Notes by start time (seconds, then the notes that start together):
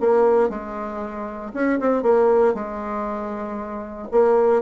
0.00 A#3
0.49 G#3
1.54 C#4
1.80 C4
2.03 A#3
2.54 G#3
4.11 A#3